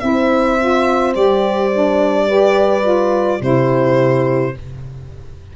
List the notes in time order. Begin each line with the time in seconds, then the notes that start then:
0.00 C4 E4 C5 E5
0.59 F4
1.14 G3 G4 D5
1.73 D4
2.28 G4 B4
2.82 F4
3.41 C3 E4 G4 C5